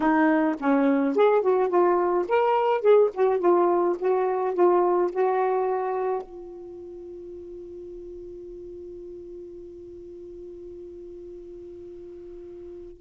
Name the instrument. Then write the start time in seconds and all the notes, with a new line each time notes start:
saxophone
0.00 D#4
0.59 C#4
1.15 G#4
1.41 F#4
1.69 F4
2.28 A#4
2.81 G#4
3.14 F#4
3.39 F4
3.99 F#4
4.54 F4
5.12 F#4
6.22 F4